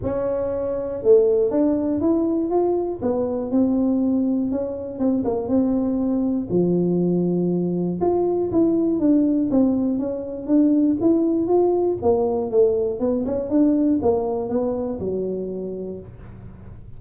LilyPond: \new Staff \with { instrumentName = "tuba" } { \time 4/4 \tempo 4 = 120 cis'2 a4 d'4 | e'4 f'4 b4 c'4~ | c'4 cis'4 c'8 ais8 c'4~ | c'4 f2. |
f'4 e'4 d'4 c'4 | cis'4 d'4 e'4 f'4 | ais4 a4 b8 cis'8 d'4 | ais4 b4 fis2 | }